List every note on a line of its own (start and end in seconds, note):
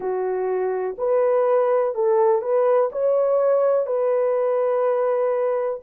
0.00 0.95 F#4
0.98 1.94 B4
1.94 2.41 A4
2.41 2.89 B4
2.92 3.86 C#5
3.86 5.80 B4